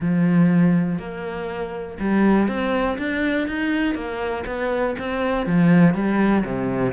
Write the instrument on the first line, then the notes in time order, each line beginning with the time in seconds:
cello
0.00 F3
0.98 A#3
1.99 G3
2.47 C4
2.98 D4
3.47 D#4
3.94 A#3
4.46 B3
4.98 C4
5.46 F3
5.94 G3
6.44 C3